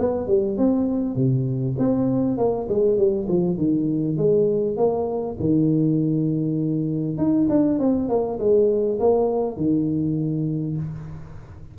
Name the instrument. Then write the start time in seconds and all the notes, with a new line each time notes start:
tuba
0.00 B3
0.28 G3
0.58 C4
1.16 C3
1.79 C4
2.38 A#3
2.69 G#3
2.98 G3
3.29 F3
3.58 D#3
4.18 G#3
4.77 A#3
5.40 D#3
7.18 D#4
7.50 D4
7.80 C4
8.09 A#3
8.39 G#3
9.00 A#3
9.57 D#3